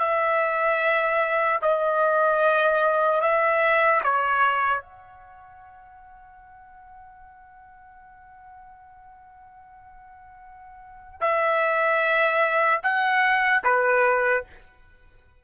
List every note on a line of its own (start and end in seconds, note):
0.00 1.60 E5
1.62 3.21 D#5
3.21 4.01 E5
4.04 4.82 C#5
4.82 11.21 F#5
11.21 12.81 E5
12.84 13.64 F#5
13.64 14.44 B4